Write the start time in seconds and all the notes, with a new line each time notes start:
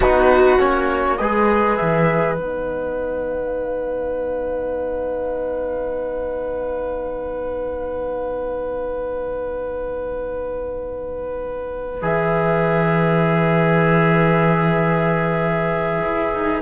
0.00 B3 D#4 F#4 B4
0.58 A#3 C#4 C#5
1.17 G#3 G#4 B4 D#5
1.76 E3 E5
2.34 B3 D#4 F#5
12.01 E3 G#4 E5
16.03 E4
16.34 D#4